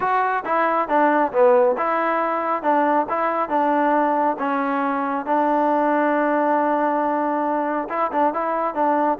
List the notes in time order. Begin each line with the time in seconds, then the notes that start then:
0.00 F#4
0.45 E4
0.88 D4
1.32 B3
1.77 E4
2.62 D4
3.09 E4
3.49 D4
4.38 C#4
5.25 D4
7.89 E4
8.12 D4
8.33 E4
8.74 D4